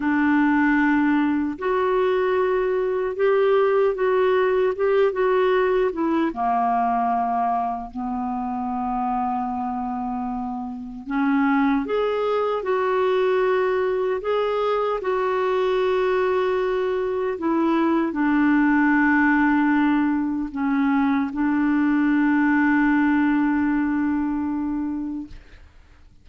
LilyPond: \new Staff \with { instrumentName = "clarinet" } { \time 4/4 \tempo 4 = 76 d'2 fis'2 | g'4 fis'4 g'8 fis'4 e'8 | ais2 b2~ | b2 cis'4 gis'4 |
fis'2 gis'4 fis'4~ | fis'2 e'4 d'4~ | d'2 cis'4 d'4~ | d'1 | }